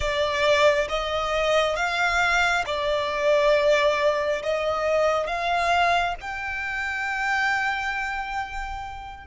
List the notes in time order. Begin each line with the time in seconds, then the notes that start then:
0.00 D5
0.88 D#5
1.76 F5
2.66 D5
4.42 D#5
5.26 F5
6.20 G5